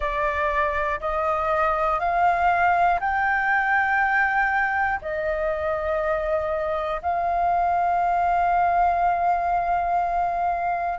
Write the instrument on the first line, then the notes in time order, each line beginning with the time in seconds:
flute
0.00 D5
1.00 D#5
2.00 F5
3.00 G5
5.01 D#5
7.01 F5